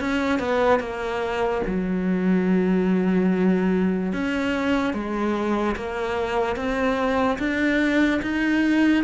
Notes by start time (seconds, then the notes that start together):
0.00 C#4
0.39 B3
0.80 A#3
1.67 F#3
4.13 C#4
4.94 G#3
5.76 A#3
6.56 C4
7.39 D4
8.22 D#4